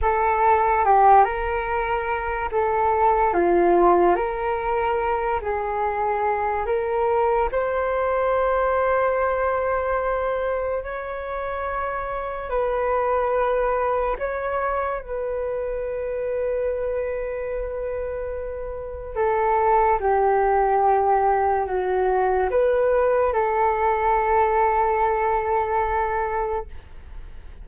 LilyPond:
\new Staff \with { instrumentName = "flute" } { \time 4/4 \tempo 4 = 72 a'4 g'8 ais'4. a'4 | f'4 ais'4. gis'4. | ais'4 c''2.~ | c''4 cis''2 b'4~ |
b'4 cis''4 b'2~ | b'2. a'4 | g'2 fis'4 b'4 | a'1 | }